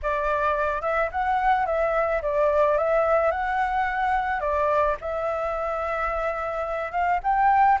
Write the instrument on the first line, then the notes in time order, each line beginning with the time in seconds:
flute
0.02 D5
0.81 E5
1.11 F#5
1.65 E5
2.22 D5
2.77 E5
3.31 F#5
4.40 D5
5.01 E5
6.91 F5
7.23 G5